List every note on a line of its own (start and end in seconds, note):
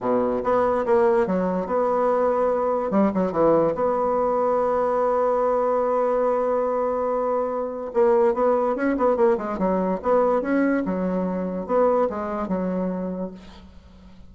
0.00 0.42 B2
0.43 0.85 B3
0.85 1.26 A#3
1.26 1.66 F#3
1.66 2.90 B3
2.90 3.11 G3
3.13 3.32 F#3
3.32 3.73 E3
3.74 7.91 B3
7.93 8.34 A#3
8.34 8.75 B3
8.75 8.96 C#4
8.97 9.16 B3
9.16 9.37 A#3
9.37 9.58 G#3
9.58 10.00 F#3
10.02 10.41 B3
10.41 10.83 C#4
10.85 11.66 F#3
11.66 12.08 B3
12.09 12.48 G#3
12.48 13.31 F#3